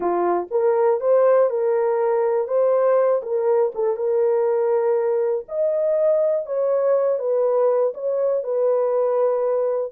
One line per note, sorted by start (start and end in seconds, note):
0.00 0.47 F4
0.50 1.00 A#4
1.00 1.49 C5
1.50 2.47 A#4
2.47 3.21 C5
3.22 3.72 A#4
3.74 3.96 A4
3.96 5.45 A#4
5.48 6.46 D#5
6.46 7.19 C#5
7.19 7.93 B4
7.94 8.43 C#5
8.43 9.92 B4